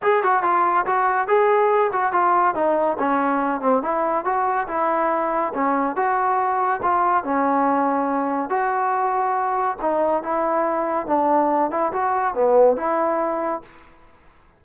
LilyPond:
\new Staff \with { instrumentName = "trombone" } { \time 4/4 \tempo 4 = 141 gis'8 fis'8 f'4 fis'4 gis'4~ | gis'8 fis'8 f'4 dis'4 cis'4~ | cis'8 c'8 e'4 fis'4 e'4~ | e'4 cis'4 fis'2 |
f'4 cis'2. | fis'2. dis'4 | e'2 d'4. e'8 | fis'4 b4 e'2 | }